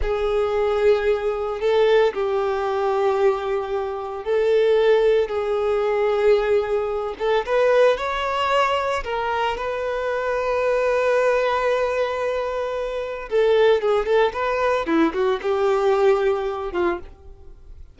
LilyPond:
\new Staff \with { instrumentName = "violin" } { \time 4/4 \tempo 4 = 113 gis'2. a'4 | g'1 | a'2 gis'2~ | gis'4. a'8 b'4 cis''4~ |
cis''4 ais'4 b'2~ | b'1~ | b'4 a'4 gis'8 a'8 b'4 | e'8 fis'8 g'2~ g'8 f'8 | }